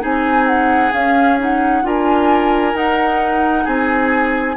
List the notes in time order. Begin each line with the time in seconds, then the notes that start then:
0.00 C4 D#4 G#4 G#5
0.47 F#5
0.92 C#4 F5
1.39 D#4 F#5
1.83 D4 F4 A#4 G#5
2.73 D#4 F#5
3.64 C4 G#4 G#5